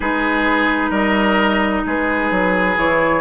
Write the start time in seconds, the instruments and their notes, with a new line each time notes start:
0.00 bassoon G#3, clarinet D#4, oboe G#4, flute B4
0.90 bassoon G3, oboe A#4, flute D#5
1.86 bassoon G#3, oboe G#4, flute B4
2.31 bassoon F#3
2.76 bassoon E3, clarinet E4, flute C#5